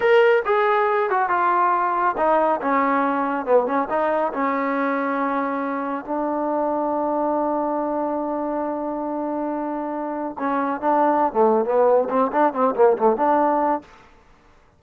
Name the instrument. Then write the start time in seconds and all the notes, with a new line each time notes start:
trombone
0.00 A#4
0.45 G#4
1.10 F#4
1.29 F4
2.17 D#4
2.61 C#4
3.45 B3
3.66 C#4
3.89 D#4
4.32 C#4
6.04 D4
10.38 C#4
10.81 D4
11.32 A3
11.65 B3
12.09 C4
12.31 D4
12.53 C4
12.75 A#3
12.97 A3
13.16 D4